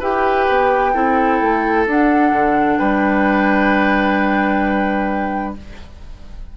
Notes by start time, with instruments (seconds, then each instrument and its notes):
0.00 bassoon E4, clarinet G4, oboe B4, flute G5
0.50 bassoon B3
0.94 bassoon C4, clarinet E4, oboe A4
1.42 bassoon A3
1.87 bassoon D4, clarinet D4, flute F#5
2.32 bassoon D3
2.78 bassoon G3, oboe B4, flute G5